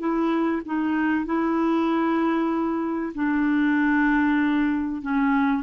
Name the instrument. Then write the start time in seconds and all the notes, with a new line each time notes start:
clarinet
0.00 E4
0.66 D#4
1.26 E4
3.15 D4
5.03 C#4